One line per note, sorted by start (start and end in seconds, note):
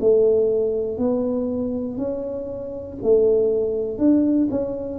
0.00 0.98 A3
0.98 1.97 B3
1.97 2.97 C#4
3.02 3.98 A3
3.98 4.48 D4
4.50 4.99 C#4